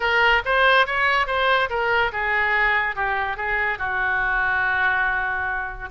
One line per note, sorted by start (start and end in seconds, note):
0.00 0.42 A#4
0.45 0.86 C5
0.86 1.27 C#5
1.27 1.69 C5
1.69 2.11 A#4
2.12 2.95 G#4
2.95 3.36 G4
3.36 3.78 G#4
3.78 5.89 F#4